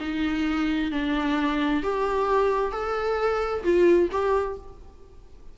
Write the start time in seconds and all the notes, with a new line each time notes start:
0.00 D#4
0.92 D4
1.84 G4
2.72 A4
3.64 F4
4.12 G4